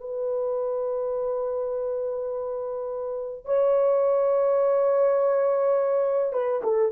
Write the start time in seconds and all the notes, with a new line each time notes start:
0.00 B4
3.45 C#5
6.33 B4
6.63 A4